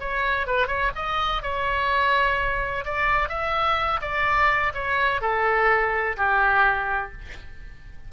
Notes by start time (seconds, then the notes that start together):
0.00 C#5
0.47 B4
0.67 C#5
0.95 D#5
1.43 C#5
2.85 D5
3.29 E5
4.01 D5
4.74 C#5
5.21 A4
6.17 G4